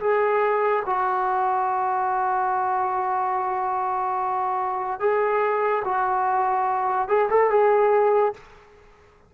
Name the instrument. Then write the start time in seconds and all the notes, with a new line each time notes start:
trombone
0.00 G#4
0.86 F#4
5.00 G#4
5.84 F#4
7.08 G#4
7.30 A4
7.50 G#4